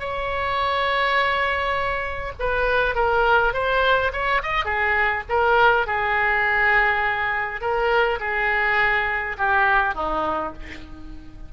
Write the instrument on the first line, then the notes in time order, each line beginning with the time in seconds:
oboe
0.00 C#5
2.40 B4
2.95 A#4
3.54 C5
4.13 C#5
4.43 D#5
4.65 G#4
5.29 A#4
5.87 G#4
7.61 A#4
8.20 G#4
9.38 G4
9.95 D#4